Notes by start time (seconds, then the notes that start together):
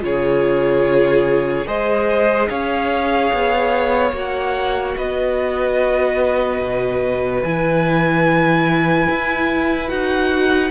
0.00 C#3 F4 G#4 C#5
1.66 G#3 G#4 C5 D#5
2.49 C#4 C#5 F5
3.33 B3
4.12 A#3 F#4 F#5
4.97 B3 B4 D#5
6.61 B2
7.43 E3 E4 G#5
9.09 E4
9.88 D#4 F#4 F#5